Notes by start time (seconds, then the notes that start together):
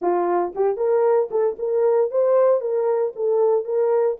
0.01 F4
0.55 G4
0.77 A#4
1.30 A4
1.58 A#4
2.10 C5
2.60 A#4
3.15 A4
3.65 A#4